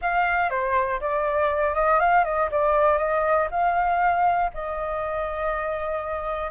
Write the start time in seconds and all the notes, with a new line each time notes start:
0.01 F5
0.50 C5
1.00 D5
1.75 D#5
1.99 F5
2.24 D#5
2.51 D5
2.97 D#5
3.50 F5
4.54 D#5